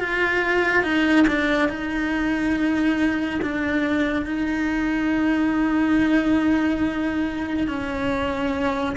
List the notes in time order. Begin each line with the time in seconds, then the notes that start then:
0.00 F4
0.84 D#4
1.27 D4
1.69 D#4
3.42 D4
4.26 D#4
7.68 C#4